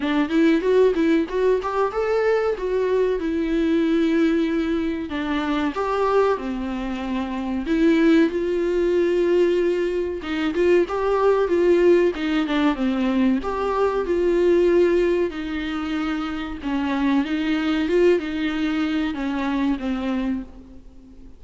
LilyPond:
\new Staff \with { instrumentName = "viola" } { \time 4/4 \tempo 4 = 94 d'8 e'8 fis'8 e'8 fis'8 g'8 a'4 | fis'4 e'2. | d'4 g'4 c'2 | e'4 f'2. |
dis'8 f'8 g'4 f'4 dis'8 d'8 | c'4 g'4 f'2 | dis'2 cis'4 dis'4 | f'8 dis'4. cis'4 c'4 | }